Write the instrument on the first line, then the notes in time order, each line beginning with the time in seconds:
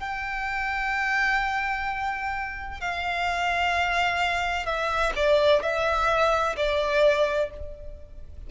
violin
0.00 G5
2.81 F5
4.66 E5
5.16 D5
5.62 E5
6.57 D5